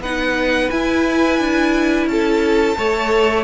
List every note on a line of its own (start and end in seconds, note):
0.00 0.69 B3
0.00 0.72 D#4
0.00 2.09 B4
0.00 0.70 F#5
0.70 1.39 E4
0.70 2.76 E4
0.70 2.08 G#5
1.39 2.07 D4
2.07 2.76 C#4
2.07 2.78 A4
2.07 3.44 A5
2.76 3.44 A3
2.76 3.44 A4
2.76 3.44 C#5